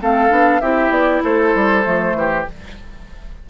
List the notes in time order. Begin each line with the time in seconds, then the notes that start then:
0.00 A3 C4 A4 F5
0.30 B3 D4
0.61 C4 E4 G4 E5
0.90 B3 D5
1.24 A3 A4 C5
1.55 G3
1.84 F3 A3
2.14 E3 G4